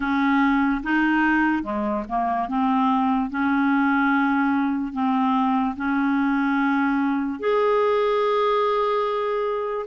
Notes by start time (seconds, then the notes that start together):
0.00 C#4
0.83 D#4
1.63 G#3
2.08 A#3
2.48 C4
3.30 C#4
4.92 C4
5.76 C#4
7.39 G#4